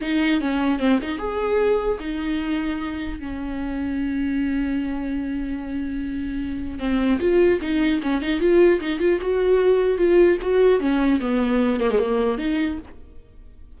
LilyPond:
\new Staff \with { instrumentName = "viola" } { \time 4/4 \tempo 4 = 150 dis'4 cis'4 c'8 dis'8 gis'4~ | gis'4 dis'2. | cis'1~ | cis'1~ |
cis'4 c'4 f'4 dis'4 | cis'8 dis'8 f'4 dis'8 f'8 fis'4~ | fis'4 f'4 fis'4 cis'4 | b4. ais16 gis16 ais4 dis'4 | }